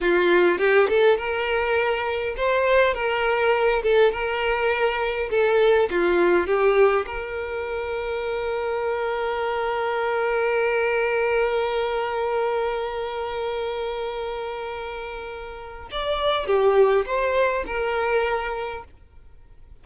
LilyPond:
\new Staff \with { instrumentName = "violin" } { \time 4/4 \tempo 4 = 102 f'4 g'8 a'8 ais'2 | c''4 ais'4. a'8 ais'4~ | ais'4 a'4 f'4 g'4 | ais'1~ |
ais'1~ | ais'1~ | ais'2. d''4 | g'4 c''4 ais'2 | }